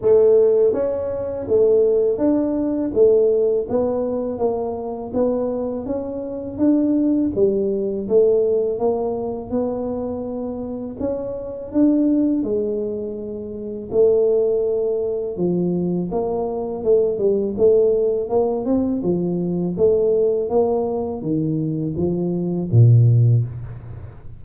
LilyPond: \new Staff \with { instrumentName = "tuba" } { \time 4/4 \tempo 4 = 82 a4 cis'4 a4 d'4 | a4 b4 ais4 b4 | cis'4 d'4 g4 a4 | ais4 b2 cis'4 |
d'4 gis2 a4~ | a4 f4 ais4 a8 g8 | a4 ais8 c'8 f4 a4 | ais4 dis4 f4 ais,4 | }